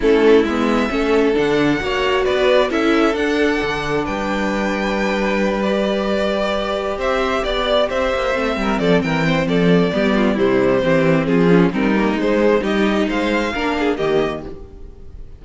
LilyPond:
<<
  \new Staff \with { instrumentName = "violin" } { \time 4/4 \tempo 4 = 133 a'4 e''2 fis''4~ | fis''4 d''4 e''4 fis''4~ | fis''4 g''2.~ | g''8 d''2. e''8~ |
e''8 d''4 e''2 d''8 | g''4 d''2 c''4~ | c''4 gis'4 ais'4 c''4 | dis''4 f''2 dis''4 | }
  \new Staff \with { instrumentName = "violin" } { \time 4/4 e'2 a'2 | cis''4 b'4 a'2~ | a'4 b'2.~ | b'2.~ b'8 c''8~ |
c''8 d''4 c''4. ais'8 a'8 | ais'8 c''8 a'4 g'8 f'8 e'4 | g'4 f'4 dis'2 | g'4 c''4 ais'8 gis'8 g'4 | }
  \new Staff \with { instrumentName = "viola" } { \time 4/4 cis'4 b4 cis'4 d'4 | fis'2 e'4 d'4~ | d'1~ | d'8 g'2.~ g'8~ |
g'2~ g'8 c'4.~ | c'2 b4 g4 | c'4. cis'8 c'8 ais8 gis4 | dis'2 d'4 ais4 | }
  \new Staff \with { instrumentName = "cello" } { \time 4/4 a4 gis4 a4 d4 | ais4 b4 cis'4 d'4 | d4 g2.~ | g2.~ g8 c'8~ |
c'8 b4 c'8 ais8 a8 g8 f8 | e4 f4 g4 c4 | e4 f4 g4 gis4 | g4 gis4 ais4 dis4 | }
>>